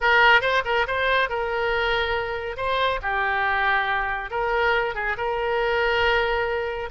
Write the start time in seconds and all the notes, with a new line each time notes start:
0.00 A#4
0.41 C5
0.65 A#4
0.87 C5
1.29 A#4
2.56 C5
3.02 G4
4.30 A#4
4.94 G#4
5.17 A#4